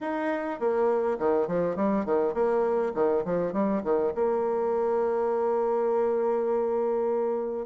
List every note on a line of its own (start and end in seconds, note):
0.01 0.59 D#4
0.59 1.18 A#3
1.18 1.47 D#3
1.47 1.76 F3
1.76 2.05 G3
2.05 2.34 D#3
2.34 2.93 A#3
2.94 3.24 D#3
3.24 3.52 F3
3.52 3.82 G3
3.83 4.13 D#3
4.14 7.66 A#3